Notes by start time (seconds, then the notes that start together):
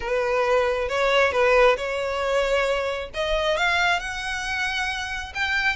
0.00 B4
0.88 C#5
1.32 B4
1.76 C#5
3.14 D#5
3.57 F5
3.99 F#5
5.34 G5